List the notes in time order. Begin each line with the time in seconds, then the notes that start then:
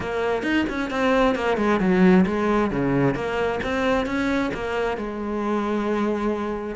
0.00 A#3
0.43 D#4
0.69 C#4
0.90 C4
1.35 A#3
1.57 G#3
1.80 F#3
2.26 G#3
2.70 C#3
3.14 A#3
3.63 C4
4.05 C#4
4.54 A#3
4.97 G#3